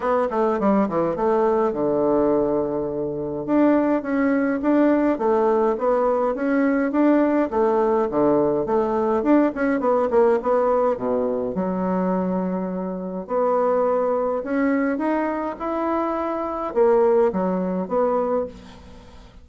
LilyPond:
\new Staff \with { instrumentName = "bassoon" } { \time 4/4 \tempo 4 = 104 b8 a8 g8 e8 a4 d4~ | d2 d'4 cis'4 | d'4 a4 b4 cis'4 | d'4 a4 d4 a4 |
d'8 cis'8 b8 ais8 b4 b,4 | fis2. b4~ | b4 cis'4 dis'4 e'4~ | e'4 ais4 fis4 b4 | }